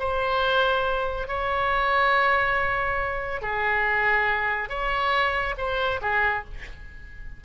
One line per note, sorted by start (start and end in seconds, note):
0.00 1.28 C5
1.28 3.42 C#5
3.42 4.69 G#4
4.69 5.55 C#5
5.58 6.01 C5
6.02 6.45 G#4